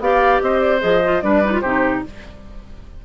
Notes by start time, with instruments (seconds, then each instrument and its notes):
0.00 bassoon B3, clarinet G4, oboe D5, flute F5
0.42 bassoon C4, oboe C5, flute D#5
0.60 flute D5
0.80 bassoon F3, clarinet G#4, flute D#5
1.04 clarinet F4
1.22 bassoon G3, clarinet D4, oboe B4, flute D5
1.45 clarinet D#4
1.53 clarinet F4
1.60 bassoon C3, clarinet D#4, oboe G4, flute C5